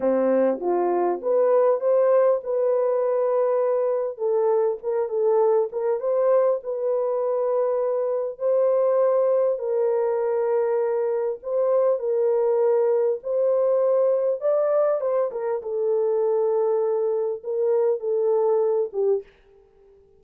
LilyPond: \new Staff \with { instrumentName = "horn" } { \time 4/4 \tempo 4 = 100 c'4 f'4 b'4 c''4 | b'2. a'4 | ais'8 a'4 ais'8 c''4 b'4~ | b'2 c''2 |
ais'2. c''4 | ais'2 c''2 | d''4 c''8 ais'8 a'2~ | a'4 ais'4 a'4. g'8 | }